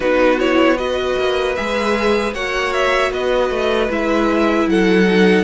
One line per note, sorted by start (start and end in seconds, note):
0.00 1.15 B3
0.00 0.39 D#4
0.00 0.77 F#4
0.00 0.39 B4
0.39 0.77 E4
0.39 0.77 C#5
0.77 1.55 F#4
0.77 2.33 B4
0.77 1.55 D#5
1.18 1.57 A#3
1.55 2.33 G#3
1.55 2.34 G#4
1.55 2.33 E5
2.33 3.11 A#3
2.33 3.90 F#4
2.33 3.11 C#5
2.33 2.73 F#5
2.73 3.12 E5
3.11 3.50 B3
3.11 4.69 B4
3.11 3.90 D#5
3.50 3.88 A3
3.90 4.67 G#3
3.90 5.05 E4
3.90 4.69 E5
4.67 5.44 F#3
4.67 5.44 A4
4.67 5.44 F#5
5.05 5.44 D#4